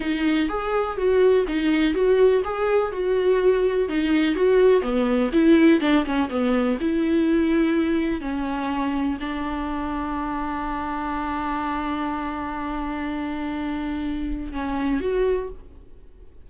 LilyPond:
\new Staff \with { instrumentName = "viola" } { \time 4/4 \tempo 4 = 124 dis'4 gis'4 fis'4 dis'4 | fis'4 gis'4 fis'2 | dis'4 fis'4 b4 e'4 | d'8 cis'8 b4 e'2~ |
e'4 cis'2 d'4~ | d'1~ | d'1~ | d'2 cis'4 fis'4 | }